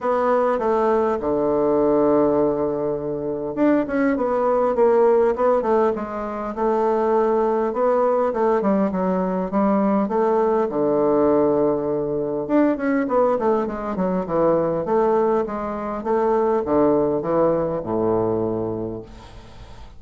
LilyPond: \new Staff \with { instrumentName = "bassoon" } { \time 4/4 \tempo 4 = 101 b4 a4 d2~ | d2 d'8 cis'8 b4 | ais4 b8 a8 gis4 a4~ | a4 b4 a8 g8 fis4 |
g4 a4 d2~ | d4 d'8 cis'8 b8 a8 gis8 fis8 | e4 a4 gis4 a4 | d4 e4 a,2 | }